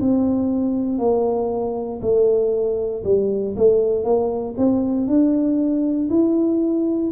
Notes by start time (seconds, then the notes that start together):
0.00 C4
0.98 A#3
2.02 A3
3.04 G3
3.56 A3
4.04 A#3
4.57 C4
5.07 D4
6.10 E4